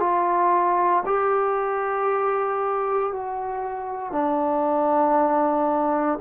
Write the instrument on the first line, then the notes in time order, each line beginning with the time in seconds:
trombone
0.00 F4
1.06 G4
3.12 F#4
4.12 D4